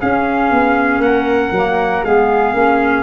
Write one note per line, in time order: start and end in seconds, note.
0.00 1.54 C#4
0.00 0.51 C#4
0.00 1.02 G#4
0.00 1.02 F5
0.51 0.98 B3
0.98 1.49 A#3
0.98 2.06 A#4
0.98 2.04 F#5
1.51 2.02 F#3
1.51 2.05 A#3
2.04 2.54 G#3
2.04 2.54 B3
2.04 3.03 G#4
2.04 3.03 F5
2.54 3.03 A#3
2.54 3.03 C#4